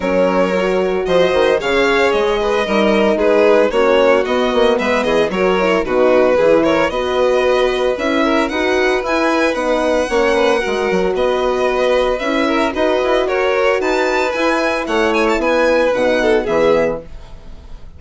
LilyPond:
<<
  \new Staff \with { instrumentName = "violin" } { \time 4/4 \tempo 4 = 113 cis''2 dis''4 f''4 | dis''2 b'4 cis''4 | dis''4 e''8 dis''8 cis''4 b'4~ | b'8 cis''8 dis''2 e''4 |
fis''4 gis''4 fis''2~ | fis''4 dis''2 e''4 | dis''4 cis''4 a''4 gis''4 | fis''8 gis''16 a''16 gis''4 fis''4 e''4 | }
  \new Staff \with { instrumentName = "violin" } { \time 4/4 ais'2 c''4 cis''4~ | cis''8 b'8 ais'4 gis'4 fis'4~ | fis'4 b'8 gis'8 ais'4 fis'4 | gis'8 ais'8 b'2~ b'8 ais'8 |
b'2. cis''8 b'8 | ais'4 b'2~ b'8 ais'8 | b'4 ais'4 b'2 | cis''4 b'4. a'8 gis'4 | }
  \new Staff \with { instrumentName = "horn" } { \time 4/4 cis'4 fis'2 gis'4~ | gis'4 dis'2 cis'4 | b2 fis'8 e'8 dis'4 | e'4 fis'2 e'4 |
fis'4 e'4 dis'4 cis'4 | fis'2. e'4 | fis'2. e'4~ | e'2 dis'4 b4 | }
  \new Staff \with { instrumentName = "bassoon" } { \time 4/4 fis2 f8 dis8 cis4 | gis4 g4 gis4 ais4 | b8 ais8 gis8 e8 fis4 b,4 | e4 b2 cis'4 |
dis'4 e'4 b4 ais4 | gis8 fis8 b2 cis'4 | dis'8 e'8 fis'4 dis'4 e'4 | a4 b4 b,4 e4 | }
>>